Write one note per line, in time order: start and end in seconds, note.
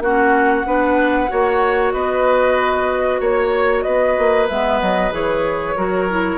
0.00 0.64 A#3
0.00 0.65 C#4
0.00 0.67 F#4
0.00 1.93 F#5
0.65 1.30 B3
0.65 1.28 D4
0.65 1.31 B4
1.28 1.93 A#3
1.28 4.47 F#4
1.28 1.93 C#5
1.93 3.20 B3
1.93 3.20 B4
1.93 3.20 D#5
3.20 3.84 A#3
3.20 3.84 C#5
3.20 3.83 C#5
3.83 4.18 B3
3.83 5.76 B4
3.83 4.47 D#5
4.18 4.50 A#3
4.49 4.82 G#3
4.49 5.12 B3
4.49 4.81 E5
4.81 5.12 F#3
4.81 5.13 D#5
5.12 5.76 E3
5.12 5.75 G#4
5.12 6.38 C#5
5.76 6.38 F#3
5.76 6.08 F#4
5.76 6.38 A#4
6.10 6.38 E4